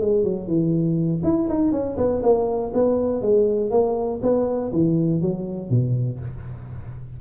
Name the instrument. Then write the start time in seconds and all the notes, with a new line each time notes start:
tuba
0.00 G#3
0.23 F#3
0.47 E3
1.23 E4
1.49 D#4
1.71 C#4
1.97 B3
2.22 A#3
2.74 B3
3.21 G#3
3.70 A#3
4.22 B3
4.72 E3
5.21 F#3
5.70 B2